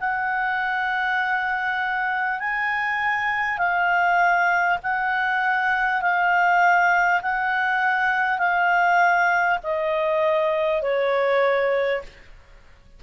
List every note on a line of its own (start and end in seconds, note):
0.00 2.39 F#5
2.39 3.58 G#5
3.58 4.78 F5
4.83 6.02 F#5
6.02 7.22 F5
7.22 8.38 F#5
8.38 9.58 F5
9.63 10.82 D#5
10.82 12.02 C#5